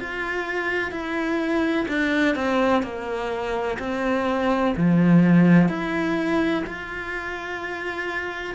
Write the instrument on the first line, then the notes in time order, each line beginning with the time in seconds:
cello
0.00 F4
0.91 E4
1.89 D4
2.36 C4
2.83 A#3
3.79 C4
4.77 F3
5.69 E4
6.67 F4